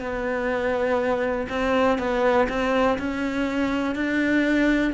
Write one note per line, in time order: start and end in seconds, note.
0.00 1.48 B3
1.49 1.99 C4
1.99 2.48 B3
2.49 2.98 C4
2.99 3.95 C#4
3.95 4.94 D4